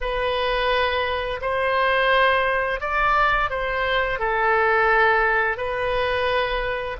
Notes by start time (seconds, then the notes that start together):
0.00 B4
1.41 C5
2.80 D5
3.49 C5
4.19 A4
5.57 B4